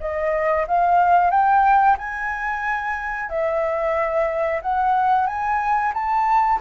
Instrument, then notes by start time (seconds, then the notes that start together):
flute
0.00 D#5
0.67 F5
1.30 G5
1.98 G#5
3.29 E5
4.62 F#5
5.27 G#5
5.94 A5